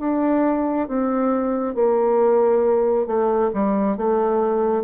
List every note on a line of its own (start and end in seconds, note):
0.00 0.88 D4
0.88 1.75 C4
1.75 3.07 A#3
3.07 3.51 A3
3.54 3.97 G3
3.97 4.84 A3